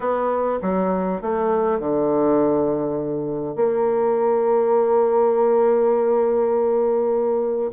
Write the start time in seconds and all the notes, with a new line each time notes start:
0.00 B3
0.62 F#3
1.21 A3
1.79 D3
3.55 A#3